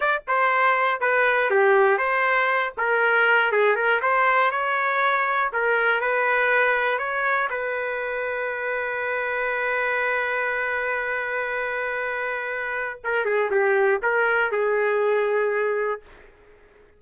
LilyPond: \new Staff \with { instrumentName = "trumpet" } { \time 4/4 \tempo 4 = 120 d''8 c''4. b'4 g'4 | c''4. ais'4. gis'8 ais'8 | c''4 cis''2 ais'4 | b'2 cis''4 b'4~ |
b'1~ | b'1~ | b'2 ais'8 gis'8 g'4 | ais'4 gis'2. | }